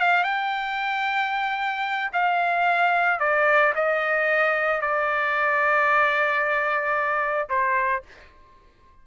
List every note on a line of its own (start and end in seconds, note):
0.00 0.23 F5
0.23 2.11 G5
2.13 3.19 F5
3.19 3.73 D5
3.75 4.81 D#5
4.81 7.49 D5
7.49 8.03 C5